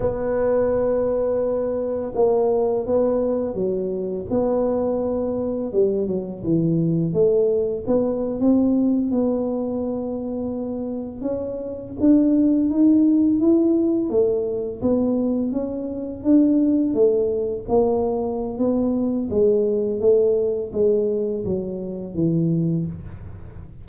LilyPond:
\new Staff \with { instrumentName = "tuba" } { \time 4/4 \tempo 4 = 84 b2. ais4 | b4 fis4 b2 | g8 fis8 e4 a4 b8. c'16~ | c'8. b2. cis'16~ |
cis'8. d'4 dis'4 e'4 a16~ | a8. b4 cis'4 d'4 a16~ | a8. ais4~ ais16 b4 gis4 | a4 gis4 fis4 e4 | }